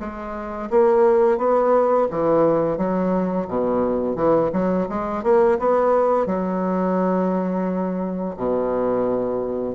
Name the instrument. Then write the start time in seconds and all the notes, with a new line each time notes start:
bassoon
0.00 G#3
0.71 A#3
1.38 B3
2.11 E3
2.78 F#3
3.49 B2
4.16 E3
4.53 F#3
4.89 G#3
5.24 A#3
5.59 B3
6.27 F#3
8.37 B2